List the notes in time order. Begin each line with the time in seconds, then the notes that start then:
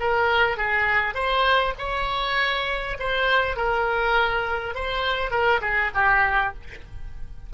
0.00 A#4
0.58 G#4
1.15 C5
1.79 C#5
2.99 C5
3.57 A#4
4.75 C5
5.31 A#4
5.62 G#4
5.95 G4